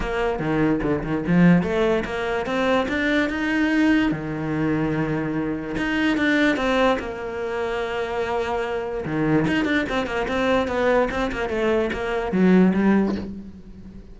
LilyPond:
\new Staff \with { instrumentName = "cello" } { \time 4/4 \tempo 4 = 146 ais4 dis4 d8 dis8 f4 | a4 ais4 c'4 d'4 | dis'2 dis2~ | dis2 dis'4 d'4 |
c'4 ais2.~ | ais2 dis4 dis'8 d'8 | c'8 ais8 c'4 b4 c'8 ais8 | a4 ais4 fis4 g4 | }